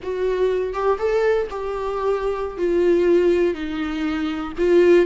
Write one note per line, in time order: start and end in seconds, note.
0.02 0.73 F#4
0.73 0.98 G4
0.98 1.47 A4
1.50 2.57 G4
2.57 3.54 F4
3.54 4.52 D#4
4.57 5.05 F4